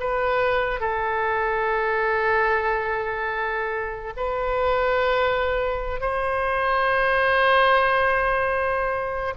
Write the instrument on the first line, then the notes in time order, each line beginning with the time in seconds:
oboe
0.00 B4
0.80 A4
4.17 B4
6.01 C5